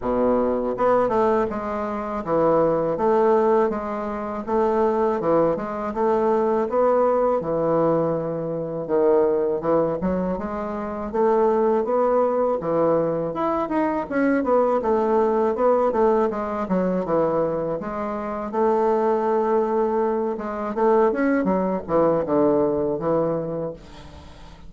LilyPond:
\new Staff \with { instrumentName = "bassoon" } { \time 4/4 \tempo 4 = 81 b,4 b8 a8 gis4 e4 | a4 gis4 a4 e8 gis8 | a4 b4 e2 | dis4 e8 fis8 gis4 a4 |
b4 e4 e'8 dis'8 cis'8 b8 | a4 b8 a8 gis8 fis8 e4 | gis4 a2~ a8 gis8 | a8 cis'8 fis8 e8 d4 e4 | }